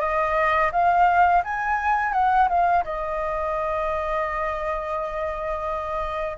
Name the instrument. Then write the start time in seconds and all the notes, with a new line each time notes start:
flute
0.00 D#5
0.72 F5
1.43 G#5
2.13 F#5
2.48 F5
2.84 D#5